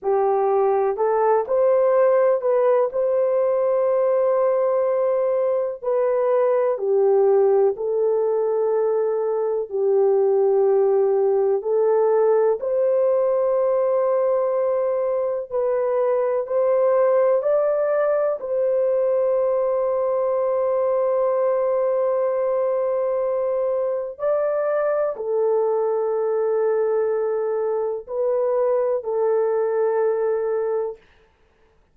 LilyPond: \new Staff \with { instrumentName = "horn" } { \time 4/4 \tempo 4 = 62 g'4 a'8 c''4 b'8 c''4~ | c''2 b'4 g'4 | a'2 g'2 | a'4 c''2. |
b'4 c''4 d''4 c''4~ | c''1~ | c''4 d''4 a'2~ | a'4 b'4 a'2 | }